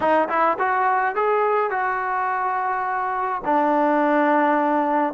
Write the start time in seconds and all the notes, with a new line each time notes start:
0.00 D#4
0.29 E4
0.58 F#4
1.15 G#4
1.70 F#4
3.44 D4